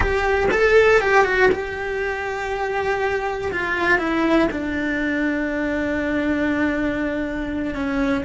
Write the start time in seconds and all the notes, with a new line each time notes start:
0.00 G4
0.51 A4
1.00 G4
1.25 F#4
1.51 G4
3.52 F4
3.98 E4
4.51 D4
7.74 C#4